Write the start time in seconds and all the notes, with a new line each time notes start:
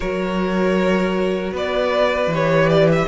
0.00 F#3 F#4 A#4 C#5
1.52 B3 B4 D5
2.27 E3 G4
2.34 C#5
2.69 D5
2.92 E5